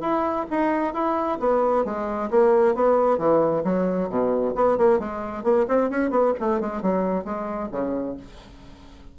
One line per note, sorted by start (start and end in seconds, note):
0.00 0.45 E4
0.50 0.93 D#4
0.93 1.38 E4
1.39 1.84 B3
1.85 2.30 G#3
2.30 2.75 A#3
2.75 3.18 B3
3.18 3.63 E3
3.64 4.09 F#3
4.09 4.54 B2
4.55 4.77 B3
4.77 4.99 A#3
4.99 5.43 G#3
5.43 5.66 A#3
5.68 5.90 C4
5.90 6.10 C#4
6.10 6.33 B3
6.40 6.60 A3
6.60 6.82 G#3
6.82 7.24 F#3
7.24 7.69 G#3
7.71 8.16 C#3